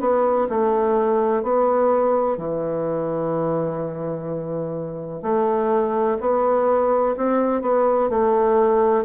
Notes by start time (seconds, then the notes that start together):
0.00 B3
0.49 A3
1.43 B3
2.38 E3
5.23 A3
6.20 B3
7.17 C4
7.62 B3
8.10 A3